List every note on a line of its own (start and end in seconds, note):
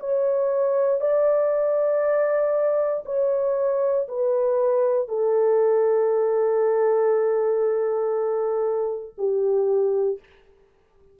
0.00 1.01 C#5
1.01 3.04 D5
3.06 4.08 C#5
4.08 5.08 B4
5.08 9.15 A4
9.18 10.20 G4